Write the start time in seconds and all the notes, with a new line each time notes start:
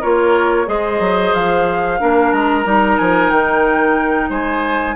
0.00 A#3 F4 A#4 C#5
0.66 G#3 G#4 C5 D#5
0.99 F#3
1.34 F3 F5
1.99 A#3 D4 A#4
2.32 G#3 A#5
2.64 G3 D#4
2.98 F3 G#5
3.30 D#3 G5
4.29 G#3 C5 G#5